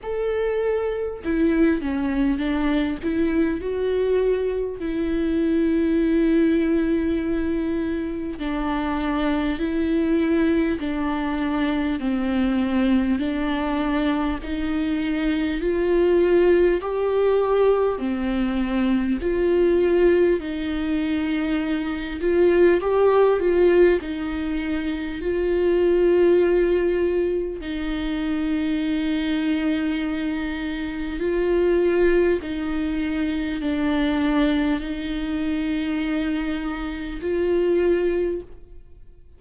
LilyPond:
\new Staff \with { instrumentName = "viola" } { \time 4/4 \tempo 4 = 50 a'4 e'8 cis'8 d'8 e'8 fis'4 | e'2. d'4 | e'4 d'4 c'4 d'4 | dis'4 f'4 g'4 c'4 |
f'4 dis'4. f'8 g'8 f'8 | dis'4 f'2 dis'4~ | dis'2 f'4 dis'4 | d'4 dis'2 f'4 | }